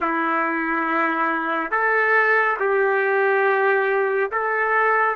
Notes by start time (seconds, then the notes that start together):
0.00 E4
1.71 A4
2.59 G4
4.31 A4